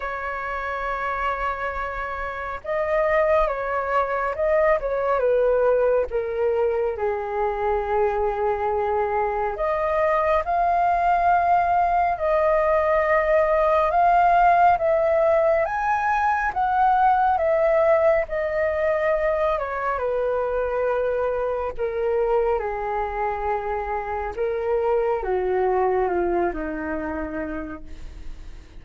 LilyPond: \new Staff \with { instrumentName = "flute" } { \time 4/4 \tempo 4 = 69 cis''2. dis''4 | cis''4 dis''8 cis''8 b'4 ais'4 | gis'2. dis''4 | f''2 dis''2 |
f''4 e''4 gis''4 fis''4 | e''4 dis''4. cis''8 b'4~ | b'4 ais'4 gis'2 | ais'4 fis'4 f'8 dis'4. | }